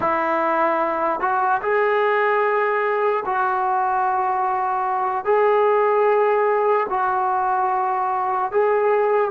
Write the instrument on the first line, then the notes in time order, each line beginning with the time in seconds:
trombone
0.00 E4
1.20 F#4
1.61 G#4
3.25 F#4
5.24 G#4
6.89 F#4
8.51 G#4